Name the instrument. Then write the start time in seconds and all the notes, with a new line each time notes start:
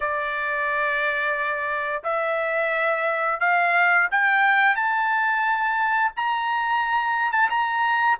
trumpet
0.00 D5
2.03 E5
3.40 F5
4.11 G5
4.75 A5
6.16 A#5
7.32 A5
7.49 A#5